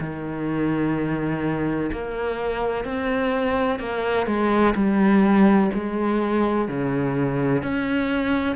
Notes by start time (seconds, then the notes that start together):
0.00 D#3
1.92 A#3
2.84 C4
3.79 A#3
4.26 G#3
4.75 G3
5.74 G#3
6.68 C#3
7.62 C#4